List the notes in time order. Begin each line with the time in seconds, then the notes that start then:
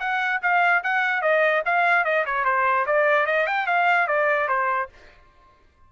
0.00 F#5
0.42 F5
0.83 F#5
1.22 D#5
1.66 F5
2.05 D#5
2.26 C#5
2.45 C5
2.86 D5
3.26 D#5
3.47 G5
3.67 F5
4.07 D5
4.49 C5